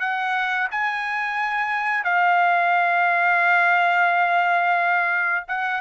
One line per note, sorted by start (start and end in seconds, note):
0.00 0.68 F#5
0.72 2.04 G#5
2.04 5.45 F5
5.48 5.81 F#5